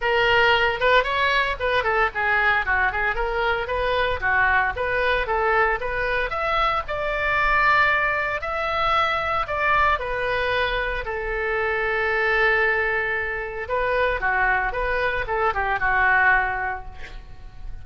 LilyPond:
\new Staff \with { instrumentName = "oboe" } { \time 4/4 \tempo 4 = 114 ais'4. b'8 cis''4 b'8 a'8 | gis'4 fis'8 gis'8 ais'4 b'4 | fis'4 b'4 a'4 b'4 | e''4 d''2. |
e''2 d''4 b'4~ | b'4 a'2.~ | a'2 b'4 fis'4 | b'4 a'8 g'8 fis'2 | }